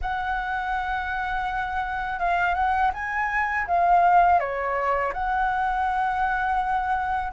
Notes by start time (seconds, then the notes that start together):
0.01 F#5
2.19 F5
2.54 F#5
2.93 G#5
3.67 F5
4.39 C#5
5.13 F#5